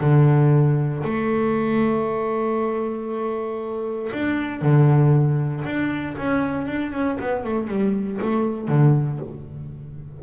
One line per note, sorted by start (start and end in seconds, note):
0.00 1.03 D3
1.04 4.11 A3
4.12 4.61 D4
4.61 5.64 D3
5.64 6.16 D4
6.17 6.67 C#4
6.67 6.92 D4
6.92 7.18 C#4
7.20 7.44 B3
7.44 7.67 A3
7.67 8.19 G3
8.21 8.68 A3
8.68 9.19 D3